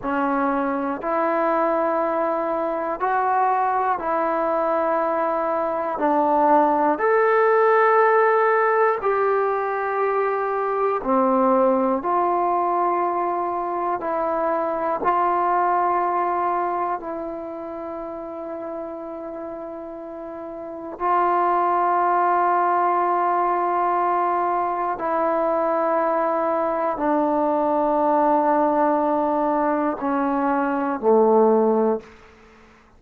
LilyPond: \new Staff \with { instrumentName = "trombone" } { \time 4/4 \tempo 4 = 60 cis'4 e'2 fis'4 | e'2 d'4 a'4~ | a'4 g'2 c'4 | f'2 e'4 f'4~ |
f'4 e'2.~ | e'4 f'2.~ | f'4 e'2 d'4~ | d'2 cis'4 a4 | }